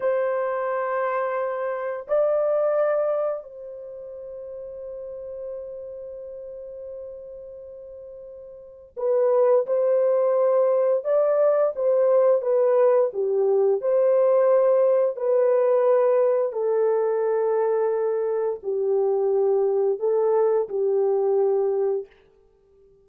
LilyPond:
\new Staff \with { instrumentName = "horn" } { \time 4/4 \tempo 4 = 87 c''2. d''4~ | d''4 c''2.~ | c''1~ | c''4 b'4 c''2 |
d''4 c''4 b'4 g'4 | c''2 b'2 | a'2. g'4~ | g'4 a'4 g'2 | }